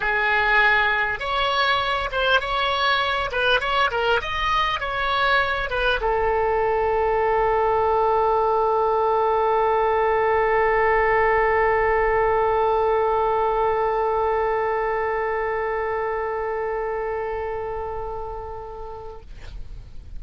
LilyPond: \new Staff \with { instrumentName = "oboe" } { \time 4/4 \tempo 4 = 100 gis'2 cis''4. c''8 | cis''4. b'8 cis''8 ais'8 dis''4 | cis''4. b'8 a'2~ | a'1~ |
a'1~ | a'1~ | a'1~ | a'1 | }